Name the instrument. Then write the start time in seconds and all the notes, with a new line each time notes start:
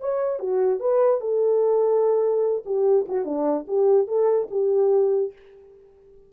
horn
0.00 C#5
0.39 F#4
0.79 B4
1.20 A4
2.65 G4
3.08 F#4
3.25 D4
3.67 G4
4.07 A4
4.51 G4